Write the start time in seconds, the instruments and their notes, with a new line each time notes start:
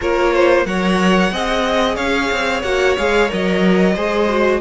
0.01 cello A#3, viola F4, violin A#4 C#5
0.33 violin C5
0.65 cello F#3, viola A#4, violin C#5 F#5
1.31 cello C4, viola G#4, violin D#5
1.95 cello C#4, violin C#5 F5
2.31 cello C4
2.62 cello A#3, viola F#4, violin F#5
2.97 cello G#3, viola G#4, violin F5
3.28 cello F#3, viola A#4, violin D#5
3.95 cello G#3, viola G#4, violin C5
4.29 viola F#4